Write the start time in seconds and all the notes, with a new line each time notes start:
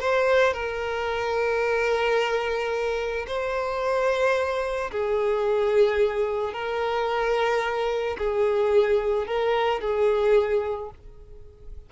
0.00 C5
0.53 A#4
3.27 C5
4.91 G#4
6.53 A#4
8.18 G#4
9.27 A#4
9.81 G#4